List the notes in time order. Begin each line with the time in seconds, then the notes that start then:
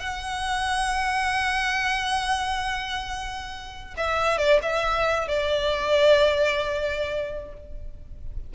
0.00 F#5
3.97 E5
4.38 D5
4.62 E5
5.28 D5